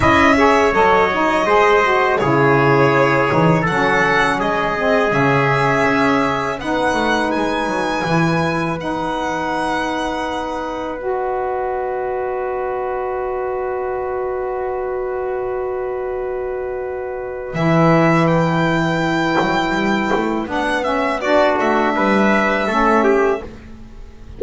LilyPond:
<<
  \new Staff \with { instrumentName = "violin" } { \time 4/4 \tempo 4 = 82 e''4 dis''2 cis''4~ | cis''4 fis''4 dis''4 e''4~ | e''4 fis''4 gis''2 | fis''2. dis''4~ |
dis''1~ | dis''1 | e''4 g''2. | fis''8 e''8 d''8 e''2~ e''8 | }
  \new Staff \with { instrumentName = "trumpet" } { \time 4/4 dis''8 cis''4. c''4 gis'4~ | gis'4 a'4 gis'2~ | gis'4 b'2.~ | b'1~ |
b'1~ | b'1~ | b'1~ | b'4 fis'4 b'4 a'8 g'8 | }
  \new Staff \with { instrumentName = "saxophone" } { \time 4/4 e'8 gis'8 a'8 dis'8 gis'8 fis'8 e'4~ | e'8 dis'8 cis'4. c'8 cis'4~ | cis'4 dis'2 e'4 | dis'2. fis'4~ |
fis'1~ | fis'1 | e'1 | d'8 cis'8 d'2 cis'4 | }
  \new Staff \with { instrumentName = "double bass" } { \time 4/4 cis'4 fis4 gis4 cis4~ | cis8 e8 fis4 gis4 cis4 | cis'4 b8 a8 gis8 fis8 e4 | b1~ |
b1~ | b1 | e2~ e8 fis8 g8 a8 | b4. a8 g4 a4 | }
>>